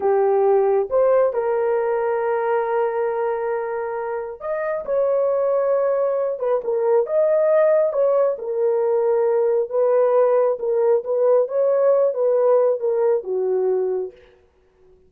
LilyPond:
\new Staff \with { instrumentName = "horn" } { \time 4/4 \tempo 4 = 136 g'2 c''4 ais'4~ | ais'1~ | ais'2 dis''4 cis''4~ | cis''2~ cis''8 b'8 ais'4 |
dis''2 cis''4 ais'4~ | ais'2 b'2 | ais'4 b'4 cis''4. b'8~ | b'4 ais'4 fis'2 | }